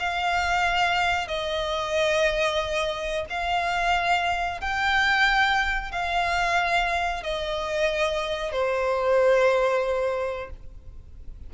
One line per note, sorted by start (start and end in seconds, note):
0.00 1.28 F5
1.28 3.26 D#5
3.30 4.61 F5
4.61 5.92 G5
5.92 7.23 F5
7.23 8.52 D#5
8.52 10.50 C5